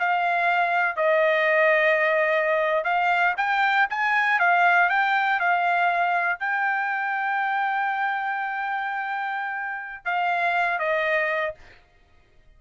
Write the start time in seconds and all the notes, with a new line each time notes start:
0.00 F5
0.97 D#5
2.84 F5
3.37 G5
3.90 G#5
4.40 F5
4.90 G5
5.40 F5
6.40 G5
10.05 F5
10.79 D#5